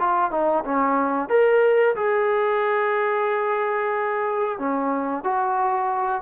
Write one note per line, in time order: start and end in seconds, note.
0.00 0.31 F4
0.31 0.64 D#4
0.65 1.29 C#4
1.29 1.95 A#4
1.95 4.59 G#4
4.59 5.24 C#4
5.24 6.22 F#4